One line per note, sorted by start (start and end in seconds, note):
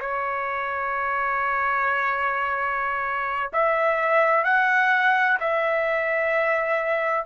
0.00 3.52 C#5
3.53 4.44 E5
4.44 5.38 F#5
5.40 7.25 E5